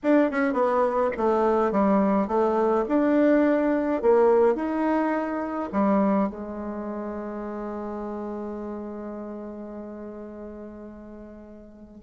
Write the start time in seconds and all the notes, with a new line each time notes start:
0.03 D4
0.30 C#4
0.53 B3
1.17 A3
1.71 G3
2.27 A3
2.88 D4
4.02 A#3
4.55 D#4
5.72 G3
6.29 G#3